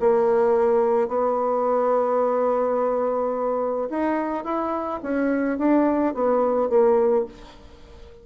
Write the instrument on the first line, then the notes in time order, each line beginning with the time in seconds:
bassoon
0.00 A#3
1.08 B3
3.89 D#4
4.44 E4
5.02 C#4
5.58 D4
6.14 B3
6.69 A#3